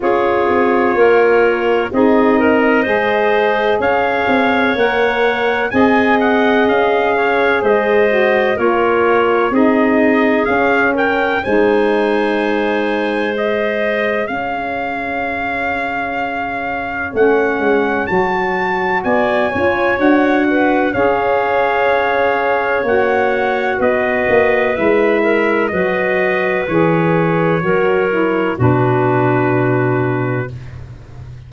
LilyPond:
<<
  \new Staff \with { instrumentName = "trumpet" } { \time 4/4 \tempo 4 = 63 cis''2 dis''2 | f''4 fis''4 gis''8 fis''8 f''4 | dis''4 cis''4 dis''4 f''8 g''8 | gis''2 dis''4 f''4~ |
f''2 fis''4 a''4 | gis''4 fis''4 f''2 | fis''4 dis''4 e''4 dis''4 | cis''2 b'2 | }
  \new Staff \with { instrumentName = "clarinet" } { \time 4/4 gis'4 ais'4 gis'8 ais'8 c''4 | cis''2 dis''4. cis''8 | c''4 ais'4 gis'4. ais'8 | c''2. cis''4~ |
cis''1 | d''8 cis''4 b'8 cis''2~ | cis''4 b'4. ais'8 b'4~ | b'4 ais'4 fis'2 | }
  \new Staff \with { instrumentName = "saxophone" } { \time 4/4 f'2 dis'4 gis'4~ | gis'4 ais'4 gis'2~ | gis'8 fis'8 f'4 dis'4 cis'4 | dis'2 gis'2~ |
gis'2 cis'4 fis'4~ | fis'8 f'8 fis'4 gis'2 | fis'2 e'4 fis'4 | gis'4 fis'8 e'8 d'2 | }
  \new Staff \with { instrumentName = "tuba" } { \time 4/4 cis'8 c'8 ais4 c'4 gis4 | cis'8 c'8 ais4 c'4 cis'4 | gis4 ais4 c'4 cis'4 | gis2. cis'4~ |
cis'2 a8 gis8 fis4 | b8 cis'8 d'4 cis'2 | ais4 b8 ais8 gis4 fis4 | e4 fis4 b,2 | }
>>